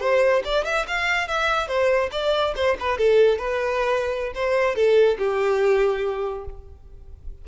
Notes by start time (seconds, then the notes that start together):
0.00 C5
0.44 D5
0.64 E5
0.87 F5
1.28 E5
1.67 C5
2.12 D5
2.56 C5
2.80 B4
2.98 A4
3.38 B4
4.34 C5
4.75 A4
5.18 G4